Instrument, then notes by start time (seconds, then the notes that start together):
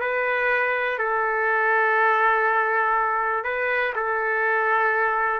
trumpet
0.00 B4
0.98 A4
3.44 B4
3.95 A4